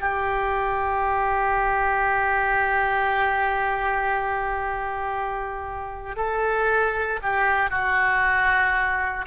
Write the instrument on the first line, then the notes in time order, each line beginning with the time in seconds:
oboe
0.00 G4
6.16 A4
7.22 G4
7.70 F#4